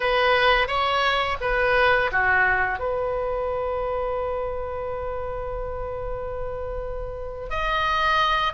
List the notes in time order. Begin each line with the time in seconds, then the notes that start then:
0.00 B4
0.67 C#5
1.40 B4
2.12 F#4
2.79 B4
7.49 D#5